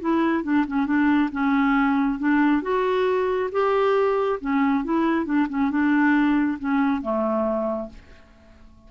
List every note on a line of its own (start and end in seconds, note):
0.00 0.43 E4
0.43 0.65 D4
0.67 0.86 C#4
0.86 1.30 D4
1.32 2.19 C#4
2.19 2.62 D4
2.62 3.49 F#4
3.51 4.39 G4
4.40 4.84 C#4
4.84 5.25 E4
5.25 5.47 D4
5.49 5.70 C#4
5.70 6.58 D4
6.59 7.01 C#4
7.01 7.89 A3